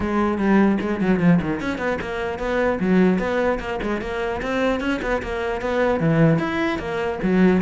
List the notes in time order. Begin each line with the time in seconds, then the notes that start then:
0.00 G#3
0.38 G3
0.80 G#3
1.00 F#3
1.19 F3
1.41 D#3
1.60 C#4
1.78 B3
2.01 A#3
2.39 B3
2.79 F#3
3.18 B3
3.59 A#3
3.82 G#3
4.01 A#3
4.42 C4
4.80 C#4
5.01 B3
5.22 A#3
5.61 B3
6.00 E3
6.39 E4
6.79 A#3
7.22 F#3